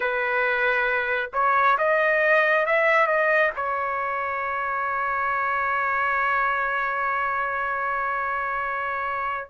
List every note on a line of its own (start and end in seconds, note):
0.00 1.30 B4
1.33 1.77 C#5
1.78 2.66 D#5
2.66 3.06 E5
3.06 3.51 D#5
3.56 9.49 C#5